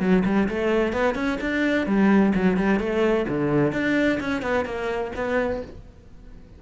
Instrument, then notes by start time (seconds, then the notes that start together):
cello
0.00 F#3
0.25 G3
0.49 A3
0.93 B3
1.15 C#4
1.41 D4
1.86 G3
2.35 F#3
2.57 G3
2.80 A3
3.29 D3
3.73 D4
4.20 C#4
4.42 B3
4.65 A#3
5.16 B3